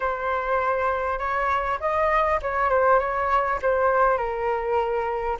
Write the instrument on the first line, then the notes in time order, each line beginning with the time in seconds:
flute
0.00 C5
1.18 C#5
1.80 D#5
2.42 C#5
2.69 C5
2.99 C#5
3.62 C5
4.17 A#4